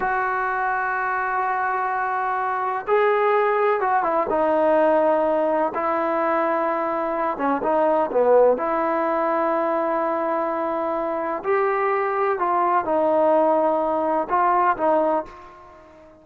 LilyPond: \new Staff \with { instrumentName = "trombone" } { \time 4/4 \tempo 4 = 126 fis'1~ | fis'2 gis'2 | fis'8 e'8 dis'2. | e'2.~ e'8 cis'8 |
dis'4 b4 e'2~ | e'1 | g'2 f'4 dis'4~ | dis'2 f'4 dis'4 | }